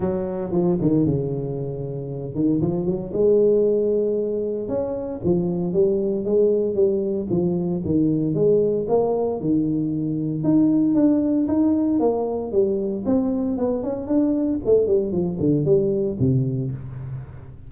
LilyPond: \new Staff \with { instrumentName = "tuba" } { \time 4/4 \tempo 4 = 115 fis4 f8 dis8 cis2~ | cis8 dis8 f8 fis8 gis2~ | gis4 cis'4 f4 g4 | gis4 g4 f4 dis4 |
gis4 ais4 dis2 | dis'4 d'4 dis'4 ais4 | g4 c'4 b8 cis'8 d'4 | a8 g8 f8 d8 g4 c4 | }